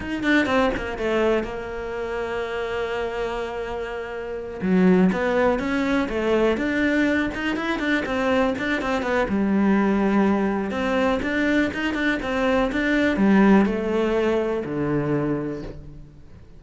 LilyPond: \new Staff \with { instrumentName = "cello" } { \time 4/4 \tempo 4 = 123 dis'8 d'8 c'8 ais8 a4 ais4~ | ais1~ | ais4. fis4 b4 cis'8~ | cis'8 a4 d'4. dis'8 e'8 |
d'8 c'4 d'8 c'8 b8 g4~ | g2 c'4 d'4 | dis'8 d'8 c'4 d'4 g4 | a2 d2 | }